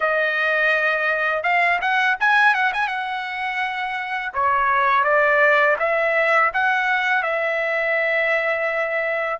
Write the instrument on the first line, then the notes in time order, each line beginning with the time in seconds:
trumpet
0.00 D#5
1.43 F5
1.81 F#5
2.19 G#5
2.54 F#5
2.73 G#5
2.87 F#5
4.33 C#5
5.04 D5
5.79 E5
6.53 F#5
7.22 E5